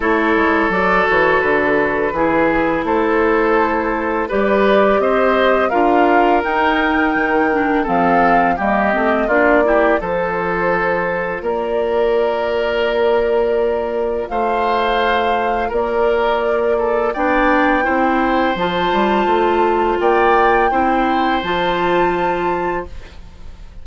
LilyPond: <<
  \new Staff \with { instrumentName = "flute" } { \time 4/4 \tempo 4 = 84 cis''4 d''8 cis''8 b'2 | c''2 d''4 dis''4 | f''4 g''2 f''4 | dis''4 d''4 c''2 |
d''1 | f''2 d''2 | g''2 a''2 | g''2 a''2 | }
  \new Staff \with { instrumentName = "oboe" } { \time 4/4 a'2. gis'4 | a'2 b'4 c''4 | ais'2. a'4 | g'4 f'8 g'8 a'2 |
ais'1 | c''2 ais'4. a'8 | d''4 c''2. | d''4 c''2. | }
  \new Staff \with { instrumentName = "clarinet" } { \time 4/4 e'4 fis'2 e'4~ | e'2 g'2 | f'4 dis'4. d'8 c'4 | ais8 c'8 d'8 e'8 f'2~ |
f'1~ | f'1 | d'4 e'4 f'2~ | f'4 e'4 f'2 | }
  \new Staff \with { instrumentName = "bassoon" } { \time 4/4 a8 gis8 fis8 e8 d4 e4 | a2 g4 c'4 | d'4 dis'4 dis4 f4 | g8 a8 ais4 f2 |
ais1 | a2 ais2 | b4 c'4 f8 g8 a4 | ais4 c'4 f2 | }
>>